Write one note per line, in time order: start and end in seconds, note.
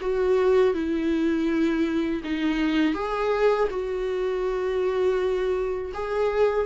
0.00 0.73 F#4
0.73 2.22 E4
2.24 2.94 D#4
2.94 3.68 G#4
3.70 5.92 F#4
5.94 6.65 G#4